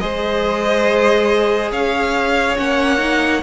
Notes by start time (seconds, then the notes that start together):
0.00 G#3 G#4 C5 D#5
1.72 C#4 C#5 F5
2.57 A#3 C#4 F#5
2.98 D#4